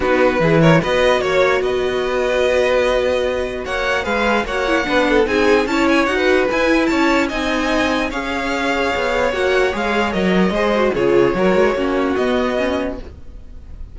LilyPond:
<<
  \new Staff \with { instrumentName = "violin" } { \time 4/4 \tempo 4 = 148 b'4. cis''8 dis''4 cis''4 | dis''1~ | dis''4 fis''4 f''4 fis''4~ | fis''4 gis''4 a''8 gis''8 fis''4 |
gis''4 a''4 gis''2 | f''2. fis''4 | f''4 dis''2 cis''4~ | cis''2 dis''2 | }
  \new Staff \with { instrumentName = "violin" } { \time 4/4 fis'4 gis'8 ais'8 b'4 cis''4 | b'1~ | b'4 cis''4 b'4 cis''4 | b'8 a'8 gis'4 cis''4~ cis''16 b'8.~ |
b'4 cis''4 dis''2 | cis''1~ | cis''2 c''4 gis'4 | ais'4 fis'2. | }
  \new Staff \with { instrumentName = "viola" } { \time 4/4 dis'4 e'4 fis'2~ | fis'1~ | fis'2 gis'4 fis'8 e'8 | d'4 dis'4 e'4 fis'4 |
e'2 dis'2 | gis'2. fis'4 | gis'4 ais'4 gis'8 fis'8 f'4 | fis'4 cis'4 b4 cis'4 | }
  \new Staff \with { instrumentName = "cello" } { \time 4/4 b4 e4 b4 ais4 | b1~ | b4 ais4 gis4 ais4 | b4 c'4 cis'4 dis'4 |
e'4 cis'4 c'2 | cis'2 b4 ais4 | gis4 fis4 gis4 cis4 | fis8 gis8 ais4 b2 | }
>>